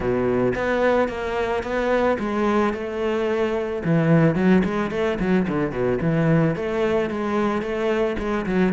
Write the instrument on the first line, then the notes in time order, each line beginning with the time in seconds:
cello
0.00 B2
0.55 B3
1.08 A#3
1.63 B3
2.19 G#3
2.73 A3
3.84 E3
4.35 F#3
4.64 G#3
4.91 A3
5.19 F#3
5.48 D3
5.71 B2
6.01 E3
6.55 A3
7.10 G#3
7.61 A3
8.18 G#3
8.46 F#3